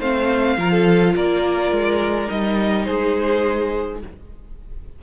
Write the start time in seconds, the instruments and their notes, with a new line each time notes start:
0.00 cello A3, viola C4, violin C5 F5
0.58 cello F3, viola F4, violin A#4
0.72 violin A4
1.15 cello A#3, violin A#4 D5
1.72 cello G#3
2.27 cello G3, viola D#4, violin D#5
2.85 cello G#3, violin G#4 C5